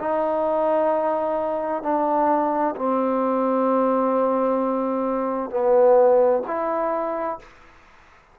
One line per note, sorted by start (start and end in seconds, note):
0.00 1.83 D#4
1.83 2.75 D4
2.76 5.50 C4
5.50 6.42 B3
6.47 7.39 E4